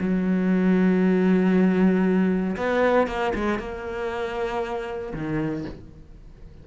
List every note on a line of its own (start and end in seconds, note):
0.00 2.56 F#3
2.57 3.08 B3
3.08 3.33 A#3
3.35 3.60 G#3
3.60 5.14 A#3
5.14 5.65 D#3